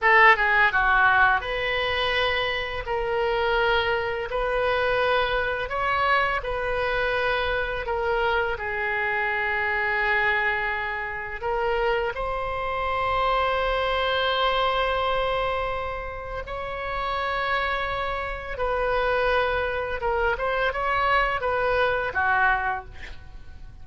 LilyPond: \new Staff \with { instrumentName = "oboe" } { \time 4/4 \tempo 4 = 84 a'8 gis'8 fis'4 b'2 | ais'2 b'2 | cis''4 b'2 ais'4 | gis'1 |
ais'4 c''2.~ | c''2. cis''4~ | cis''2 b'2 | ais'8 c''8 cis''4 b'4 fis'4 | }